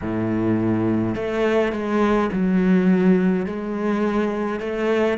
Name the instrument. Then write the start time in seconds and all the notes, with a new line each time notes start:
cello
0.01 A2
1.15 A3
1.72 G#3
2.32 F#3
3.46 G#3
4.59 A3